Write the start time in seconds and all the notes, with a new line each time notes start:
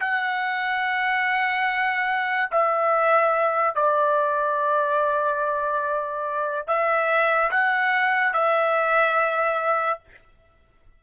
0.00 F#5
2.51 E5
3.75 D5
6.67 E5
7.51 F#5
8.33 E5